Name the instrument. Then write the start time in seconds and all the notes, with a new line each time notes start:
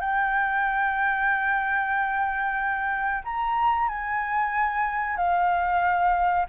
flute
0.00 G5
3.23 A#5
3.88 G#5
5.17 F5